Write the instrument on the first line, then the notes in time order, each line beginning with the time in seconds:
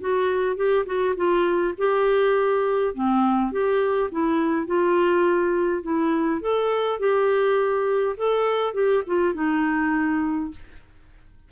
clarinet
0.00 F#4
0.56 G4
0.86 F#4
1.16 F4
1.78 G4
2.94 C4
3.52 G4
4.11 E4
4.67 F4
5.83 E4
6.41 A4
6.99 G4
8.17 A4
8.74 G4
9.07 F4
9.34 D#4